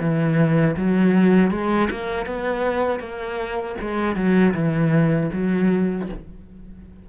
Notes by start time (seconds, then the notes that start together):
0.00 E3
0.77 F#3
1.51 G#3
1.91 A#3
2.26 B3
3.00 A#3
3.81 G#3
4.16 F#3
4.54 E3
5.33 F#3